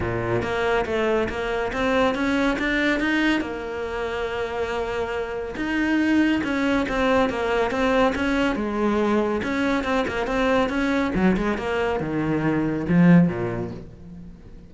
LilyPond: \new Staff \with { instrumentName = "cello" } { \time 4/4 \tempo 4 = 140 ais,4 ais4 a4 ais4 | c'4 cis'4 d'4 dis'4 | ais1~ | ais4 dis'2 cis'4 |
c'4 ais4 c'4 cis'4 | gis2 cis'4 c'8 ais8 | c'4 cis'4 fis8 gis8 ais4 | dis2 f4 ais,4 | }